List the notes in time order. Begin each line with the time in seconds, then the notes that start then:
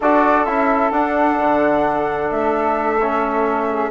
0.00 D4 F#4 A4 D5
0.45 C#4 E4 E5
0.91 D4 F#5
1.39 D3
2.30 A3 E5
3.01 C#4
3.68 G#4